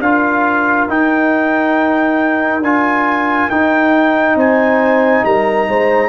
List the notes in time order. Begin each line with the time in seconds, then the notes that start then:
0.00 D4 F4 A#4 F5
0.88 D#4 G5
2.61 D4 F4 G#5
3.50 D#4 G5
4.36 C4 C5 G#5
5.25 G3 A#4 A#5
5.69 G#3 C5